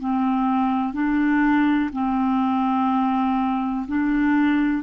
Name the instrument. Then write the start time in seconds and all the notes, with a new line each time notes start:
clarinet
0.00 C4
0.93 D4
1.93 C4
3.88 D4